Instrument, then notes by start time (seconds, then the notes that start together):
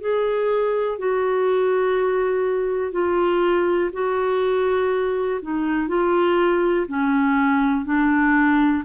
clarinet
0.00 G#4
0.98 F#4
2.92 F4
3.93 F#4
5.42 D#4
5.88 F4
6.88 C#4
7.85 D4